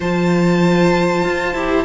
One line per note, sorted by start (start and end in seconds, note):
0.00 1.24 F3
0.00 1.55 F4
0.00 1.84 C5
0.00 1.84 A5
1.24 1.54 F4
1.54 1.84 E4
1.54 1.84 G4